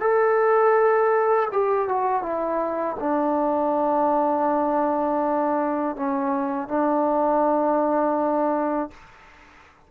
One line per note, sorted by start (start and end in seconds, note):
0.00 1.48 A4
1.52 1.88 G4
1.88 2.22 F#4
2.22 2.96 E4
2.99 5.96 D4
5.96 6.68 C#4
6.68 8.90 D4